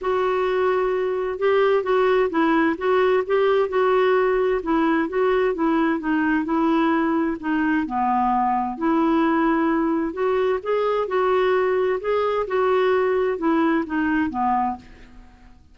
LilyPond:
\new Staff \with { instrumentName = "clarinet" } { \time 4/4 \tempo 4 = 130 fis'2. g'4 | fis'4 e'4 fis'4 g'4 | fis'2 e'4 fis'4 | e'4 dis'4 e'2 |
dis'4 b2 e'4~ | e'2 fis'4 gis'4 | fis'2 gis'4 fis'4~ | fis'4 e'4 dis'4 b4 | }